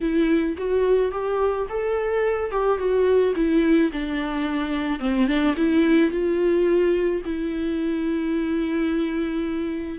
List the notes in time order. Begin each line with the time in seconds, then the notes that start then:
0.01 E4
0.57 F#4
1.11 G4
1.69 A4
2.51 G4
2.78 F#4
3.35 E4
3.92 D4
4.99 C4
5.27 D4
5.56 E4
6.11 F4
7.25 E4